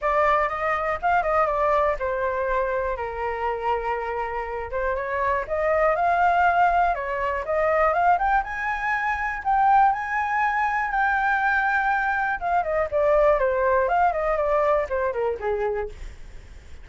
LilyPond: \new Staff \with { instrumentName = "flute" } { \time 4/4 \tempo 4 = 121 d''4 dis''4 f''8 dis''8 d''4 | c''2 ais'2~ | ais'4. c''8 cis''4 dis''4 | f''2 cis''4 dis''4 |
f''8 g''8 gis''2 g''4 | gis''2 g''2~ | g''4 f''8 dis''8 d''4 c''4 | f''8 dis''8 d''4 c''8 ais'8 gis'4 | }